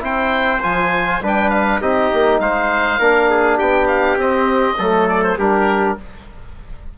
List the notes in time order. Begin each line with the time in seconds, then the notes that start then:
0.00 C4 E4 C5 G5
0.62 F3 F4 G#5
1.21 G3 D4 B4
1.27 G5
1.50 F5
1.81 C4 D#4 G4 D#5
2.14 A#3
2.40 G#3 C5 F5
3.00 A#3 D4 A#4
3.30 G#4
3.58 B3 G4 G5
3.88 F5
4.16 C4 D#5
4.79 F#3 A3 A4
5.09 D5
5.23 C5
5.38 G3 D4 G4 A#4